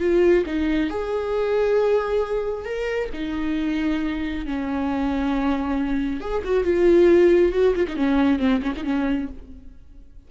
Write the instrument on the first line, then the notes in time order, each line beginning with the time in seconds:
viola
0.00 F4
0.46 D#4
0.90 G#4
2.65 A#4
3.14 D#4
4.46 C#4
6.21 G#4
6.45 F#4
6.64 F4
7.52 F#4
7.75 F4
7.88 D#4
7.97 C#4
8.39 C4
8.62 C#4
8.77 D#4
8.84 C#4